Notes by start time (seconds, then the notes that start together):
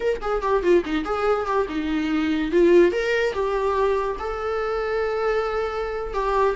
0.00 A#4
0.21 G#4
0.41 G4
0.62 F4
0.85 D#4
1.04 G#4
1.45 G4
1.68 D#4
2.51 F4
2.92 A#4
3.33 G4
4.19 A4
6.13 G4